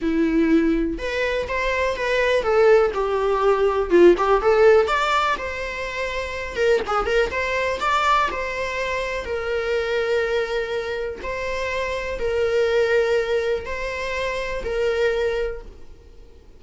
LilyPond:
\new Staff \with { instrumentName = "viola" } { \time 4/4 \tempo 4 = 123 e'2 b'4 c''4 | b'4 a'4 g'2 | f'8 g'8 a'4 d''4 c''4~ | c''4. ais'8 gis'8 ais'8 c''4 |
d''4 c''2 ais'4~ | ais'2. c''4~ | c''4 ais'2. | c''2 ais'2 | }